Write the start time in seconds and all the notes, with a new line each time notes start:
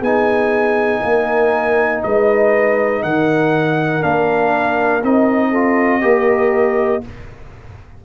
0.00 B3 D#4 G#4 G#5
1.02 A#3 A#4
2.04 G#3 B4 D#5
3.03 D#3 A#4 F#5
4.01 A#3 D4 F5
5.03 C4 D#4 D#5
5.51 F4 A4
6.02 A#3 G4 A#4